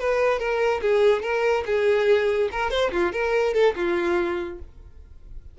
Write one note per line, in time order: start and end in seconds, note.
0.00 0.39 B4
0.39 0.81 A#4
0.82 1.23 G#4
1.23 1.64 A#4
1.66 2.50 G#4
2.52 2.71 A#4
2.71 2.92 C5
2.92 3.13 F4
3.13 3.54 A#4
3.54 3.75 A4
3.76 4.59 F4